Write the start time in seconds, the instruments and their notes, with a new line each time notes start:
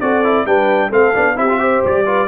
0.00 tuba C4, trombone F#4, horn A4, trumpet D5
0.24 trombone E4
0.45 tuba G3, trombone D4, horn B4, trumpet G5
0.89 tuba A3, trombone C4, horn A4, trumpet F5
1.15 tuba B3, trombone D4
1.36 tuba C4, trombone E4, horn G4, trumpet E5
1.48 trombone F4
1.59 trombone G4, horn C5
1.85 tuba G3, trumpet D5
2.05 trombone F4, horn B4